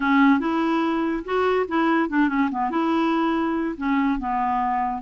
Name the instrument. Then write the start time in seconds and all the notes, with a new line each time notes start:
clarinet
0.00 C#4
0.39 E4
1.24 F#4
1.68 E4
2.09 D4
2.28 C#4
2.51 B3
2.70 E4
3.77 C#4
4.19 B3